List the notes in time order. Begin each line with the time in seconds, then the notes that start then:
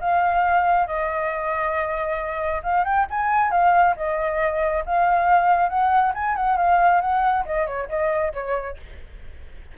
0.00 F5
0.86 D#5
2.63 F5
2.84 G5
3.10 G#5
3.51 F5
3.96 D#5
4.86 F5
5.69 F#5
6.14 G#5
6.35 F#5
6.57 F5
7.01 F#5
7.45 D#5
7.66 C#5
7.89 D#5
8.33 C#5